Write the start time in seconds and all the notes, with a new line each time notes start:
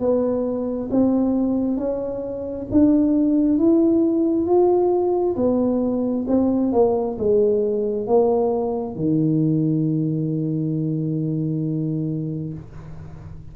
0.00 B3
0.91 C4
1.77 C#4
2.71 D4
3.58 E4
4.46 F4
5.36 B3
6.28 C4
6.72 A#3
7.18 G#3
8.07 A#3
8.96 D#3